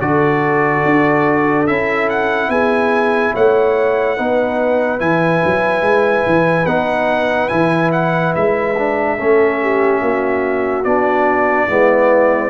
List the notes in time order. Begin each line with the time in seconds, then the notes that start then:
0.00 D3 F#4 A4 D5
0.85 D4
1.66 C#4 E4 E5
2.09 F#5
2.48 B3 G#4 G#5
3.33 A3 C#5 F#5
4.17 B3 D#4 B4
4.98 E3 E4 G#5
5.44 F#3
5.81 G#3
6.26 E3
6.66 B3 D#4 F#5
7.48 E3 E4 G#5
7.92 F#5
8.35 G#3 E5
8.77 D4
9.17 A3 C#4 A4
9.61 G4
10.01 A#3 F#4
10.84 B3 D4 D5
11.67 G#3 B3 E4